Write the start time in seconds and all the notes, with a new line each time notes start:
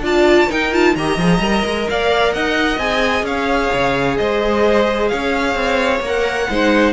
0.00 D4 F4 D5 A5
0.47 D#4 A#4 G5
0.73 F4 A5
0.95 D#3 G4 D#5 A#5
1.17 F3 G#4
1.39 G3 A#4
1.64 G#3
1.89 A#3 D5 F5
2.33 D#4 D#5 F#5
2.77 C4 G#4 G#5
3.23 C#4 C#5 F5
3.73 C#3
4.17 G#3 C5 D#5
5.08 C#4 C#5 F5
5.55 C4
6.00 A#3 A#4
6.07 F#5
6.50 G#3 D#4 C5